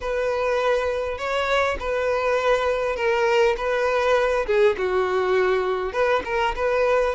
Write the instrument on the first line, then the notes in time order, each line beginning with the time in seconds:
violin
0.00 B4
1.17 C#5
1.79 B4
2.96 A#4
3.57 B4
4.46 G#4
4.77 F#4
5.92 B4
6.25 A#4
6.55 B4